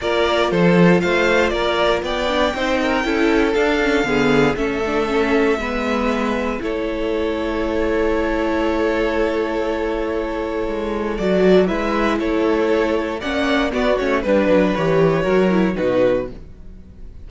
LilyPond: <<
  \new Staff \with { instrumentName = "violin" } { \time 4/4 \tempo 4 = 118 d''4 c''4 f''4 d''4 | g''2. f''4~ | f''4 e''2.~ | e''4 cis''2.~ |
cis''1~ | cis''2 d''4 e''4 | cis''2 fis''4 d''8 cis''8 | b'4 cis''2 b'4 | }
  \new Staff \with { instrumentName = "violin" } { \time 4/4 ais'4 a'4 c''4 ais'4 | d''4 c''8 ais'8 a'2 | gis'4 a'2 b'4~ | b'4 a'2.~ |
a'1~ | a'2. b'4 | a'2 d''4 fis'4 | b'2 ais'4 fis'4 | }
  \new Staff \with { instrumentName = "viola" } { \time 4/4 f'1~ | f'8 d'8 dis'4 e'4 d'8 cis'8 | b4 cis'8 d'8 cis'4 b4~ | b4 e'2.~ |
e'1~ | e'2 fis'4 e'4~ | e'2 cis'4 b8 cis'8 | d'4 g'4 fis'8 e'8 dis'4 | }
  \new Staff \with { instrumentName = "cello" } { \time 4/4 ais4 f4 a4 ais4 | b4 c'4 cis'4 d'4 | d4 a2 gis4~ | gis4 a2.~ |
a1~ | a4 gis4 fis4 gis4 | a2 ais4 b8 a8 | g8 fis8 e4 fis4 b,4 | }
>>